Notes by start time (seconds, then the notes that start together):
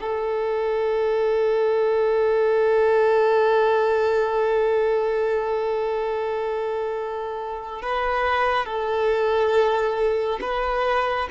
0.00 A4
7.82 B4
8.65 A4
10.41 B4